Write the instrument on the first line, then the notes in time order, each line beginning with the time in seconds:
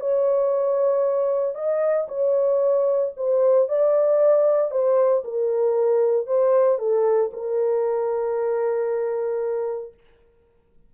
horn
0.00 C#5
1.55 D#5
2.08 C#5
3.16 C5
3.68 D5
4.71 C5
5.24 A#4
6.26 C5
6.78 A4
7.33 A#4